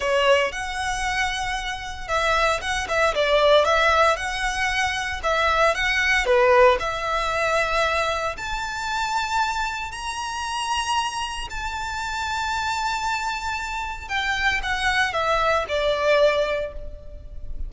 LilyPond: \new Staff \with { instrumentName = "violin" } { \time 4/4 \tempo 4 = 115 cis''4 fis''2. | e''4 fis''8 e''8 d''4 e''4 | fis''2 e''4 fis''4 | b'4 e''2. |
a''2. ais''4~ | ais''2 a''2~ | a''2. g''4 | fis''4 e''4 d''2 | }